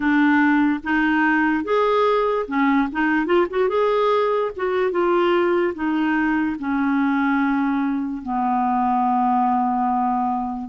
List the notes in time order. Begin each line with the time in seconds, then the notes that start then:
0.00 D4
0.83 D#4
1.64 G#4
2.47 C#4
2.91 D#4
3.25 F4
3.50 F#4
3.68 G#4
4.56 F#4
4.91 F4
5.74 D#4
6.59 C#4
8.22 B3